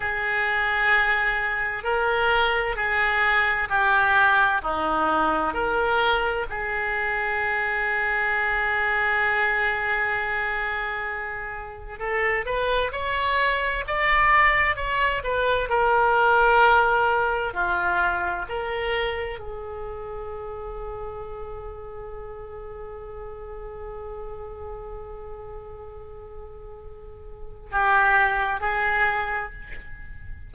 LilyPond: \new Staff \with { instrumentName = "oboe" } { \time 4/4 \tempo 4 = 65 gis'2 ais'4 gis'4 | g'4 dis'4 ais'4 gis'4~ | gis'1~ | gis'4 a'8 b'8 cis''4 d''4 |
cis''8 b'8 ais'2 f'4 | ais'4 gis'2.~ | gis'1~ | gis'2 g'4 gis'4 | }